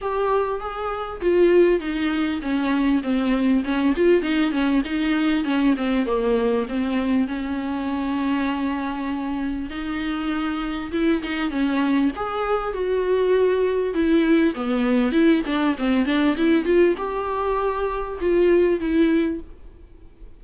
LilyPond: \new Staff \with { instrumentName = "viola" } { \time 4/4 \tempo 4 = 99 g'4 gis'4 f'4 dis'4 | cis'4 c'4 cis'8 f'8 dis'8 cis'8 | dis'4 cis'8 c'8 ais4 c'4 | cis'1 |
dis'2 e'8 dis'8 cis'4 | gis'4 fis'2 e'4 | b4 e'8 d'8 c'8 d'8 e'8 f'8 | g'2 f'4 e'4 | }